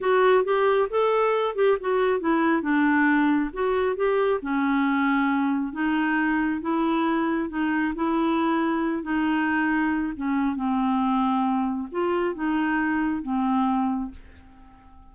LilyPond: \new Staff \with { instrumentName = "clarinet" } { \time 4/4 \tempo 4 = 136 fis'4 g'4 a'4. g'8 | fis'4 e'4 d'2 | fis'4 g'4 cis'2~ | cis'4 dis'2 e'4~ |
e'4 dis'4 e'2~ | e'8 dis'2~ dis'8 cis'4 | c'2. f'4 | dis'2 c'2 | }